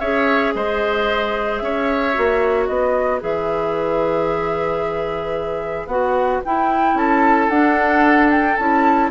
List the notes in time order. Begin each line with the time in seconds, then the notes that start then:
0.00 C#4 G#4 C#5 E5
0.55 G#3 C5 D#5
1.58 C#4 C#5 E5
2.15 A#3 F#4
2.66 B3 B4 D#5
3.21 E3 G#4 E5
5.87 B3 F#4 F#5
6.45 E4 G5
6.95 C#4 A4 A5
7.50 D4 F#5
8.31 G5
8.57 C#4 E4 A5